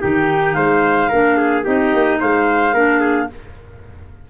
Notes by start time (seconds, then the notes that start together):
0.00 D#3 D#4 G4 G5
0.53 G#3 C5 F5
1.09 A#3 D4 A#4
1.37 G#4
1.64 C4 D#4 G4 D#5
1.94 A#3
2.20 G#3 C5 F5
2.73 A#3 D4 A#4
3.00 G#4